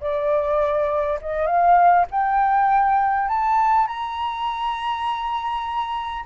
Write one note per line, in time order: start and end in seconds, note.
0.00 1.19 D5
1.21 1.46 D#5
1.46 2.05 F5
2.10 3.28 G5
3.28 3.87 A5
3.87 6.24 A#5